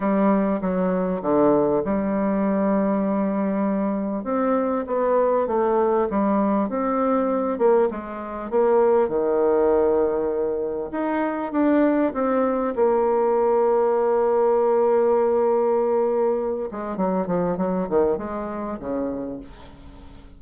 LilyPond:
\new Staff \with { instrumentName = "bassoon" } { \time 4/4 \tempo 4 = 99 g4 fis4 d4 g4~ | g2. c'4 | b4 a4 g4 c'4~ | c'8 ais8 gis4 ais4 dis4~ |
dis2 dis'4 d'4 | c'4 ais2.~ | ais2.~ ais8 gis8 | fis8 f8 fis8 dis8 gis4 cis4 | }